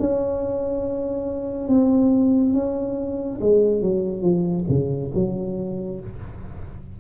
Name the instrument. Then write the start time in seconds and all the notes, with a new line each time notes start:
tuba
0.00 C#4
1.68 C4
2.54 C#4
3.41 G#3
3.82 F#3
4.22 F3
4.69 C#3
5.15 F#3